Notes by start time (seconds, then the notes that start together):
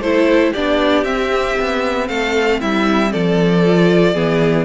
0.00 A3 E4 A4 C5
0.52 B3 D4 G4 D5
1.03 C4 E5
1.60 B3
2.08 A3 A4 F5
2.60 G3 E4 E5
3.12 F3 A4 D5
3.64 F4
4.14 E3 B3 G#4